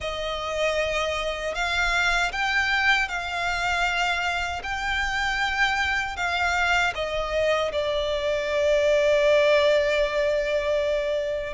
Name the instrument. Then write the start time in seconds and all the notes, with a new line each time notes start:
violin
0.00 D#5
1.54 F5
2.31 G5
3.08 F5
4.63 G5
6.16 F5
6.94 D#5
7.71 D5